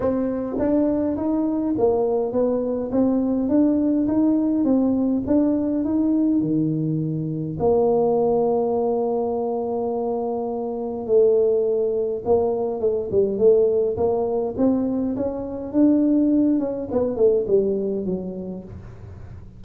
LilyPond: \new Staff \with { instrumentName = "tuba" } { \time 4/4 \tempo 4 = 103 c'4 d'4 dis'4 ais4 | b4 c'4 d'4 dis'4 | c'4 d'4 dis'4 dis4~ | dis4 ais2.~ |
ais2. a4~ | a4 ais4 a8 g8 a4 | ais4 c'4 cis'4 d'4~ | d'8 cis'8 b8 a8 g4 fis4 | }